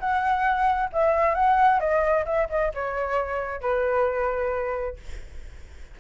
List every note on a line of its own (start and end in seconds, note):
0.00 0.90 F#5
0.93 1.35 E5
1.35 1.80 F#5
1.80 2.25 D#5
2.26 2.48 E5
2.50 2.72 D#5
2.75 3.62 C#5
3.62 4.97 B4